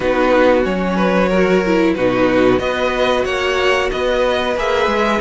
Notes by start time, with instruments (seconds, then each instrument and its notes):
0.00 cello B3, viola D#4, violin F#4 B4
0.63 cello F#3, viola C#4, violin C#5
0.96 violin B4
1.28 viola F#4, violin A#4
1.65 viola E4
1.94 cello B2, viola D#4, violin F#4 B4
2.58 cello B3, viola F#4, violin B4 D#5
3.24 cello A#3, violin C#5 F#5
3.91 cello B3, violin B4 D#5
4.55 cello A#3, viola G#4, violin E5
4.86 cello G#3